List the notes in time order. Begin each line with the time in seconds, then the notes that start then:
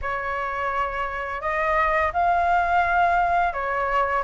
0.01 C#5
1.41 D#5
2.13 F5
3.53 C#5